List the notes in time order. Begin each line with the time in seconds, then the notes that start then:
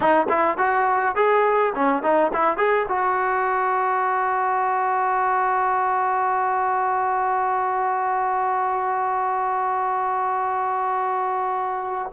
0.00 D#4
0.29 E4
0.57 F#4
1.15 G#4
1.75 C#4
2.02 D#4
2.33 E4
2.57 G#4
2.88 F#4